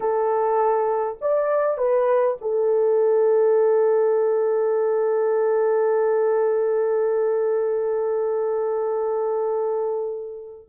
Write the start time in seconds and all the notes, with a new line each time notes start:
0.00 A4
1.21 D5
1.77 B4
2.41 A4